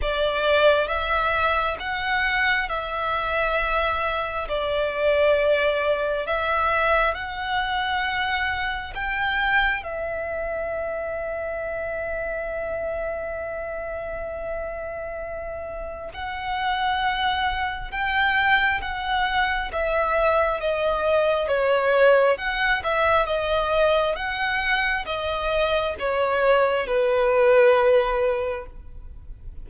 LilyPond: \new Staff \with { instrumentName = "violin" } { \time 4/4 \tempo 4 = 67 d''4 e''4 fis''4 e''4~ | e''4 d''2 e''4 | fis''2 g''4 e''4~ | e''1~ |
e''2 fis''2 | g''4 fis''4 e''4 dis''4 | cis''4 fis''8 e''8 dis''4 fis''4 | dis''4 cis''4 b'2 | }